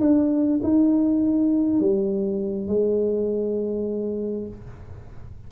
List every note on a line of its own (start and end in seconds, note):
0.00 0.60 D4
0.63 1.80 D#4
1.80 2.68 G3
2.68 4.48 G#3